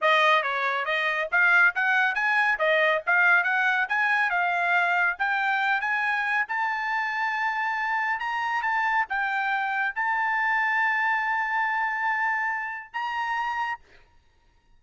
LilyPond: \new Staff \with { instrumentName = "trumpet" } { \time 4/4 \tempo 4 = 139 dis''4 cis''4 dis''4 f''4 | fis''4 gis''4 dis''4 f''4 | fis''4 gis''4 f''2 | g''4. gis''4. a''4~ |
a''2. ais''4 | a''4 g''2 a''4~ | a''1~ | a''2 ais''2 | }